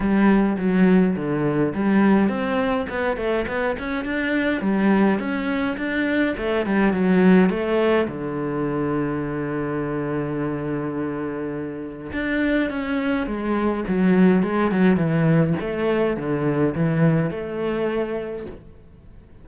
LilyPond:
\new Staff \with { instrumentName = "cello" } { \time 4/4 \tempo 4 = 104 g4 fis4 d4 g4 | c'4 b8 a8 b8 cis'8 d'4 | g4 cis'4 d'4 a8 g8 | fis4 a4 d2~ |
d1~ | d4 d'4 cis'4 gis4 | fis4 gis8 fis8 e4 a4 | d4 e4 a2 | }